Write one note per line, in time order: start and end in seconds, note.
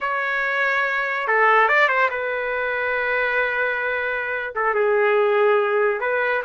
0.00 1.27 C#5
1.27 1.68 A4
1.68 1.88 D5
1.88 2.09 C5
2.10 4.53 B4
4.55 4.74 A4
4.74 6.00 G#4
6.00 6.42 B4